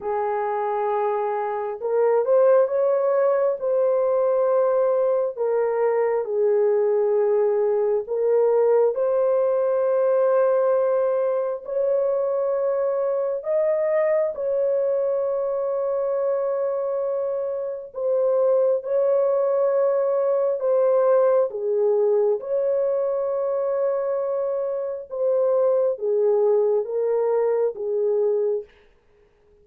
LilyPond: \new Staff \with { instrumentName = "horn" } { \time 4/4 \tempo 4 = 67 gis'2 ais'8 c''8 cis''4 | c''2 ais'4 gis'4~ | gis'4 ais'4 c''2~ | c''4 cis''2 dis''4 |
cis''1 | c''4 cis''2 c''4 | gis'4 cis''2. | c''4 gis'4 ais'4 gis'4 | }